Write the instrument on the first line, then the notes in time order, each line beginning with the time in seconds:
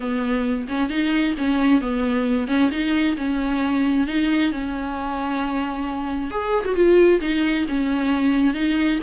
viola
0.00 B3
0.68 C#4
0.89 D#4
1.37 C#4
1.81 B3
2.47 C#4
2.71 D#4
3.17 C#4
4.07 D#4
4.52 C#4
6.30 G#4
6.65 F#4
6.75 F4
7.21 D#4
7.68 C#4
8.54 D#4